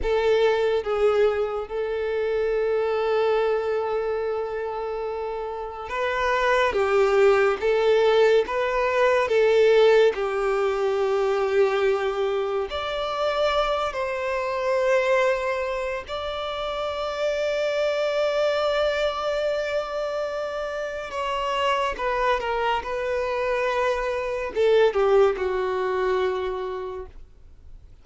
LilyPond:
\new Staff \with { instrumentName = "violin" } { \time 4/4 \tempo 4 = 71 a'4 gis'4 a'2~ | a'2. b'4 | g'4 a'4 b'4 a'4 | g'2. d''4~ |
d''8 c''2~ c''8 d''4~ | d''1~ | d''4 cis''4 b'8 ais'8 b'4~ | b'4 a'8 g'8 fis'2 | }